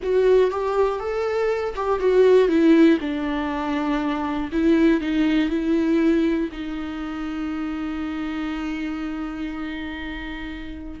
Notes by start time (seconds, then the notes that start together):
0.02 F#4
0.50 G4
0.99 A4
1.75 G4
1.99 F#4
2.48 E4
3.00 D4
4.52 E4
5.00 D#4
5.49 E4
6.52 D#4